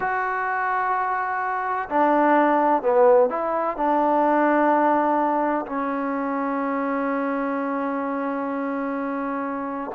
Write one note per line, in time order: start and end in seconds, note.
0.00 1.88 F#4
1.89 2.82 D4
2.82 3.29 B3
3.29 3.76 E4
3.76 5.65 D4
5.66 9.91 C#4